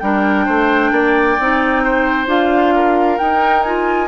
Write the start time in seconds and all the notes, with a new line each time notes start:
0.00 G3 D4 A#4 G5
0.46 A3 C5
0.92 A#3 D5
1.40 C4 D#4
1.84 C5
2.27 D4 F4 F5
2.75 A#4
3.19 D#4 G5
3.63 F4 G#5